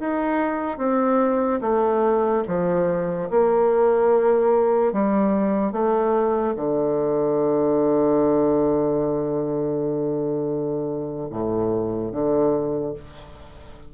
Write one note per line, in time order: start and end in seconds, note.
0.00 0.78 D#4
0.78 1.60 C4
1.61 2.44 A3
2.48 3.30 F3
3.30 4.93 A#3
4.93 5.72 G3
5.72 6.55 A3
6.56 11.29 D3
11.30 12.12 A2
12.12 12.94 D3